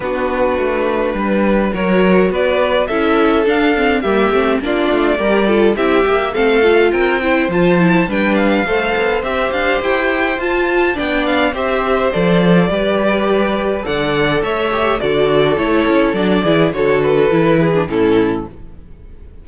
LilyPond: <<
  \new Staff \with { instrumentName = "violin" } { \time 4/4 \tempo 4 = 104 b'2. cis''4 | d''4 e''4 f''4 e''4 | d''2 e''4 f''4 | g''4 a''4 g''8 f''4. |
e''8 f''8 g''4 a''4 g''8 f''8 | e''4 d''2. | fis''4 e''4 d''4 cis''4 | d''4 cis''8 b'4. a'4 | }
  \new Staff \with { instrumentName = "violin" } { \time 4/4 fis'2 b'4 ais'4 | b'4 a'2 g'4 | f'4 ais'8 a'8 g'4 a'4 | ais'8 c''4. b'4 c''4~ |
c''2. d''4 | c''2 b'2 | d''4 cis''4 a'2~ | a'8 gis'8 a'4. gis'8 e'4 | }
  \new Staff \with { instrumentName = "viola" } { \time 4/4 d'2. fis'4~ | fis'4 e'4 d'8 c'8 ais8 c'8 | d'4 g'8 f'8 e'8 g'8 c'8 f'8~ | f'8 e'8 f'8 e'8 d'4 a'4 |
g'2 f'4 d'4 | g'4 a'4 g'2 | a'4. g'8 fis'4 e'4 | d'8 e'8 fis'4 e'8. d'16 cis'4 | }
  \new Staff \with { instrumentName = "cello" } { \time 4/4 b4 a4 g4 fis4 | b4 cis'4 d'4 g8 a8 | ais8 a8 g4 c'8 ais8 a4 | c'4 f4 g4 a8 b8 |
c'8 d'8 e'4 f'4 b4 | c'4 f4 g2 | d4 a4 d4 a8 cis'8 | fis8 e8 d4 e4 a,4 | }
>>